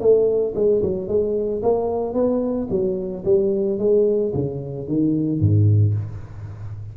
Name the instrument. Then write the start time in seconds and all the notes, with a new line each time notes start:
tuba
0.00 A3
0.55 G#3
0.82 F#3
1.08 G#3
1.63 A#3
2.14 B3
2.70 F#3
3.25 G3
3.79 G#3
4.34 C#3
4.88 D#3
5.41 G#2